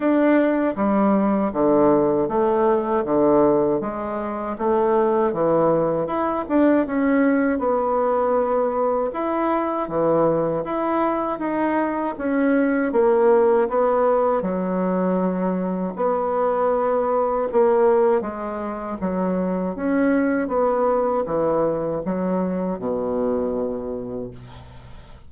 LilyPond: \new Staff \with { instrumentName = "bassoon" } { \time 4/4 \tempo 4 = 79 d'4 g4 d4 a4 | d4 gis4 a4 e4 | e'8 d'8 cis'4 b2 | e'4 e4 e'4 dis'4 |
cis'4 ais4 b4 fis4~ | fis4 b2 ais4 | gis4 fis4 cis'4 b4 | e4 fis4 b,2 | }